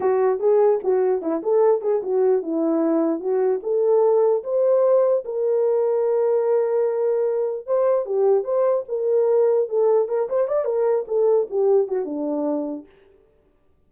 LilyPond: \new Staff \with { instrumentName = "horn" } { \time 4/4 \tempo 4 = 149 fis'4 gis'4 fis'4 e'8 a'8~ | a'8 gis'8 fis'4 e'2 | fis'4 a'2 c''4~ | c''4 ais'2.~ |
ais'2. c''4 | g'4 c''4 ais'2 | a'4 ais'8 c''8 d''8 ais'4 a'8~ | a'8 g'4 fis'8 d'2 | }